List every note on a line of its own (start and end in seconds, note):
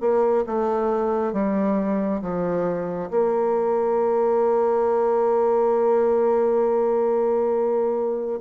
0.00 0.44 A#3
0.46 1.33 A3
1.33 2.21 G3
2.21 3.10 F3
3.10 8.40 A#3